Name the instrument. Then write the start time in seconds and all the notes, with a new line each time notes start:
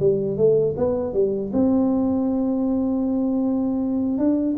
tuba
0.00 G3
0.37 A3
0.77 B3
1.14 G3
1.53 C4
4.18 D4